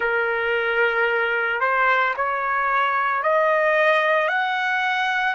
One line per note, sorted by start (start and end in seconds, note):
0.00 1.60 A#4
1.60 2.14 C5
2.16 3.22 C#5
3.22 4.28 D#5
4.28 5.34 F#5